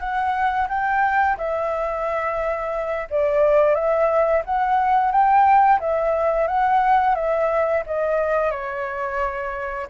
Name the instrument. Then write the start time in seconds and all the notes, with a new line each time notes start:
flute
0.00 F#5
0.69 G5
1.38 E5
3.11 D5
3.75 E5
4.45 F#5
5.12 G5
5.80 E5
6.48 F#5
7.15 E5
7.87 D#5
8.52 C#5